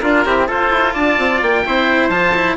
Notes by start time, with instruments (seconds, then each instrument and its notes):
0.00 bassoon D4, cello D4, trumpet F4, oboe A#4
0.25 cello C4, bassoon E4, trumpet G4
0.47 cello F4, bassoon F4, trumpet A4, oboe C5
0.70 bassoon E4
0.93 bassoon D4, trumpet D5, oboe A5
1.18 bassoon C4
1.42 bassoon A#3, oboe G5
1.65 bassoon C4, cello E4, trumpet C5
2.09 bassoon F3, cello F4, oboe A5
2.34 cello E4